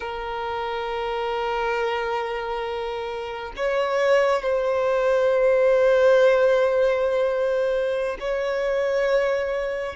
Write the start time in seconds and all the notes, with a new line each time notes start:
0.00 A#4
3.56 C#5
4.42 C5
8.20 C#5